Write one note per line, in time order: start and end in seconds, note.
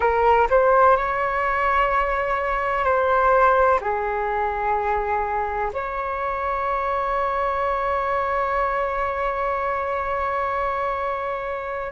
0.00 0.48 A#4
0.49 0.96 C5
0.96 2.84 C#5
2.84 3.79 C5
3.81 5.71 G#4
5.73 11.92 C#5